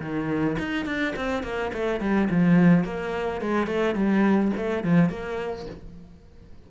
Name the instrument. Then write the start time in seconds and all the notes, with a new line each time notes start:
cello
0.00 D#3
0.58 D#4
0.85 D4
1.16 C4
1.43 A#3
1.73 A3
2.00 G3
2.30 F3
2.84 A#3
3.41 G#3
3.67 A3
3.95 G3
4.57 A3
4.83 F3
5.09 A#3